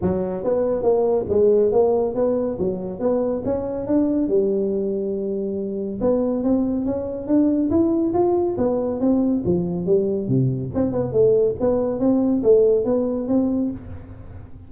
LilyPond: \new Staff \with { instrumentName = "tuba" } { \time 4/4 \tempo 4 = 140 fis4 b4 ais4 gis4 | ais4 b4 fis4 b4 | cis'4 d'4 g2~ | g2 b4 c'4 |
cis'4 d'4 e'4 f'4 | b4 c'4 f4 g4 | c4 c'8 b8 a4 b4 | c'4 a4 b4 c'4 | }